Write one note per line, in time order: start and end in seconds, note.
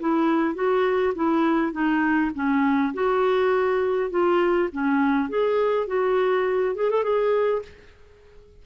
0.00 0.55 E4
0.55 1.14 F#4
1.15 1.72 E4
1.72 2.31 D#4
2.35 2.94 C#4
2.94 4.10 F#4
4.10 4.69 F4
4.72 5.29 C#4
5.29 5.87 G#4
5.87 6.75 F#4
6.76 6.90 G#4
6.90 7.03 A4
7.03 7.62 G#4